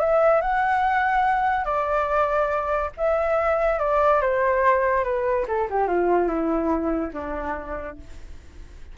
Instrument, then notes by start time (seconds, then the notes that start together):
flute
0.00 E5
0.42 F#5
1.65 D5
2.98 E5
3.80 D5
4.21 C5
5.04 B4
5.48 A4
5.70 G4
5.88 F4
6.28 E4
7.14 D4